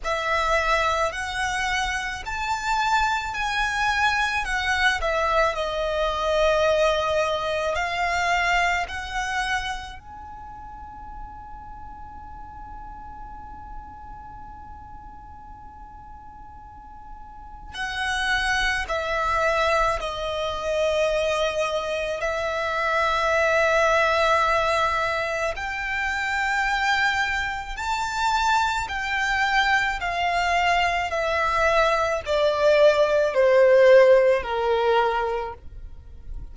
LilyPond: \new Staff \with { instrumentName = "violin" } { \time 4/4 \tempo 4 = 54 e''4 fis''4 a''4 gis''4 | fis''8 e''8 dis''2 f''4 | fis''4 gis''2.~ | gis''1 |
fis''4 e''4 dis''2 | e''2. g''4~ | g''4 a''4 g''4 f''4 | e''4 d''4 c''4 ais'4 | }